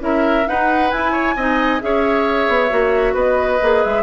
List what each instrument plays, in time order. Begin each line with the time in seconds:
0.00 bassoon C#4, clarinet E4, oboe A#4, flute E5
0.45 clarinet D#4, bassoon D#4, oboe B4, flute F#5
0.91 bassoon E4, clarinet E4, flute G#5
1.12 oboe C#5
1.36 bassoon C4, clarinet D#4, oboe D#5
1.81 bassoon C#4, clarinet G#4, oboe C#5, flute E5
2.49 bassoon B3
2.70 bassoon A#3, clarinet F#4
3.14 bassoon B3, oboe B4, flute D#5
3.62 bassoon A#3, clarinet G#4
3.84 bassoon G#3, flute E5